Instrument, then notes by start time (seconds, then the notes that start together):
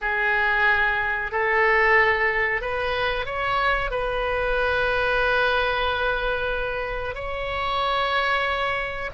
oboe
0.01 G#4
1.31 A4
2.61 B4
3.25 C#5
3.90 B4
7.14 C#5